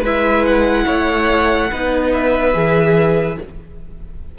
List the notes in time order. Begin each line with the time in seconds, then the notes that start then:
0.00 G#3 E4 B4 E5
0.45 F#5
0.86 A3 C#5
1.70 B3 D#4 B4
2.13 E5
2.53 E3 G#4